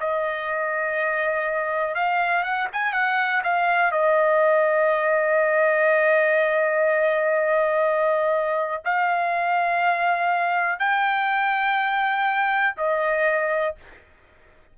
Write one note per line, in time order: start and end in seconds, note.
0.00 1.95 D#5
1.95 2.43 F5
2.43 2.68 F#5
2.73 2.93 G#5
2.93 3.42 F#5
3.44 3.92 F5
3.92 8.83 D#5
8.85 10.79 F5
10.79 12.76 G5
12.78 13.76 D#5